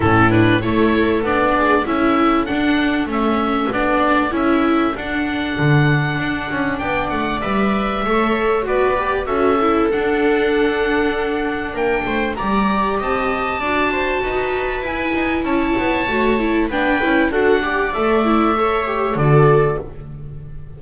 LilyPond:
<<
  \new Staff \with { instrumentName = "oboe" } { \time 4/4 \tempo 4 = 97 a'8 b'8 cis''4 d''4 e''4 | fis''4 e''4 d''4 e''4 | fis''2. g''8 fis''8 | e''2 d''4 e''4 |
fis''2. g''4 | ais''4 a''2. | gis''4 a''2 g''4 | fis''4 e''2 d''4 | }
  \new Staff \with { instrumentName = "viola" } { \time 4/4 e'4 a'4. gis'8 a'4~ | a'1~ | a'2. d''4~ | d''4 cis''4 b'4 a'4~ |
a'2. ais'8 c''8 | d''4 dis''4 d''8 c''8 b'4~ | b'4 cis''2 b'4 | a'8 d''4. cis''4 a'4 | }
  \new Staff \with { instrumentName = "viola" } { \time 4/4 cis'8 d'8 e'4 d'4 e'4 | d'4 cis'4 d'4 e'4 | d'1 | b'4 a'4 fis'8 g'8 fis'8 e'8 |
d'1 | g'2 fis'2 | e'2 fis'8 e'8 d'8 e'8 | fis'8 g'8 a'8 e'8 a'8 g'8 fis'4 | }
  \new Staff \with { instrumentName = "double bass" } { \time 4/4 a,4 a4 b4 cis'4 | d'4 a4 b4 cis'4 | d'4 d4 d'8 cis'8 b8 a8 | g4 a4 b4 cis'4 |
d'2. ais8 a8 | g4 c'4 d'4 dis'4 | e'8 dis'8 cis'8 b8 a4 b8 cis'8 | d'4 a2 d4 | }
>>